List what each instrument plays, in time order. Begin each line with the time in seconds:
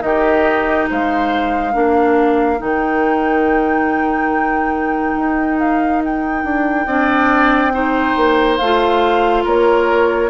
0.00 bassoon D#3, clarinet D#4, oboe G4, flute D#5
0.90 bassoon G#3, oboe C5, flute F5
1.73 bassoon A#3, clarinet D4, oboe A#4
2.58 bassoon D#3, clarinet D#4, flute G5
5.16 bassoon D#4
5.60 flute F5
6.05 flute G5
6.44 bassoon D4
6.86 bassoon C4, clarinet D4, oboe D5
7.74 clarinet D#4, oboe C5
8.17 bassoon A#3
8.58 bassoon A3, flute F5
8.64 clarinet F4
9.44 bassoon A#3, oboe A#4, flute C#5